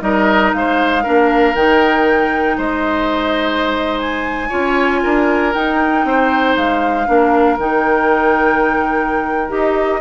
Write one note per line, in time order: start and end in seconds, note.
0.00 0.53 G3
0.00 1.03 D#4
0.00 0.55 A#4
0.00 0.52 D#5
0.53 1.05 G#3
0.53 1.03 C5
0.53 1.55 F5
1.03 1.55 A#3
1.03 1.55 D4
1.03 2.57 A#4
1.55 2.57 D#3
1.55 4.50 D#4
1.55 2.58 G5
2.58 4.50 G#3
2.58 4.49 C5
2.58 3.99 D#5
3.99 5.52 G#5
4.49 5.04 C#4
4.49 5.52 F4
4.49 5.00 C#5
5.03 5.55 D4
5.03 6.06 A#4
5.53 6.04 D#4
5.53 7.06 D#4
5.53 6.56 G5
6.04 6.56 C4
6.04 7.08 C5
6.56 7.08 G#3
6.56 7.59 F5
7.06 7.58 A#3
7.06 7.57 D4
7.06 10.01 A#4
7.58 9.50 D#3
7.58 9.49 D#4
7.58 9.51 G5
9.49 10.01 D#4
9.49 10.00 G4
9.49 10.01 D#5